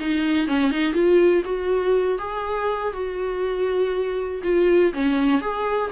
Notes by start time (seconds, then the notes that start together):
0.00 D#4
0.48 C#4
0.71 D#4
0.94 F4
1.45 F#4
2.19 G#4
2.93 F#4
4.44 F4
4.94 C#4
5.42 G#4